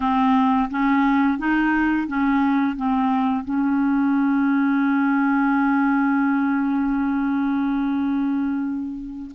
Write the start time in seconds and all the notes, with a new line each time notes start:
0.00 C4
0.70 C#4
1.38 D#4
2.07 C#4
2.76 C4
3.44 C#4